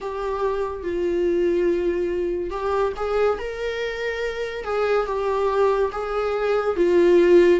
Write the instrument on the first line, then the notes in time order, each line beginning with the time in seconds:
viola
0.00 G4
0.83 F4
2.50 G4
2.96 G#4
3.38 A#4
4.64 G#4
5.06 G4
5.92 G#4
6.76 F4